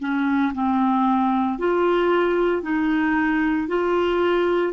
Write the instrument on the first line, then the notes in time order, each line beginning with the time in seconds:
clarinet
0.00 C#4
0.54 C4
1.58 F4
2.62 D#4
3.68 F4